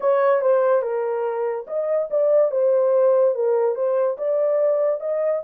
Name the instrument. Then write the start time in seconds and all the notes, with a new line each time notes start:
horn
0.00 C#5
0.41 C5
0.82 A#4
1.67 D#5
2.10 D5
2.51 C5
3.34 A#4
3.75 C5
4.17 D5
5.00 D#5